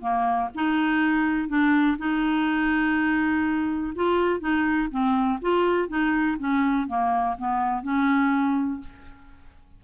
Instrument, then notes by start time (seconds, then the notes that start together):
clarinet
0.00 A#3
0.54 D#4
1.48 D4
1.98 D#4
3.95 F4
4.39 D#4
4.90 C4
5.41 F4
5.88 D#4
6.38 C#4
6.87 A#3
7.37 B3
7.82 C#4